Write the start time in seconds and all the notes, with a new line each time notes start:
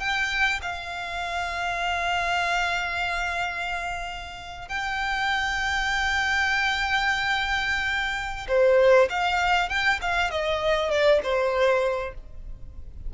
0.00 G5
0.62 F5
4.69 G5
8.48 C5
9.10 F5
9.70 G5
10.02 F5
10.31 D#5
10.91 D5
11.23 C5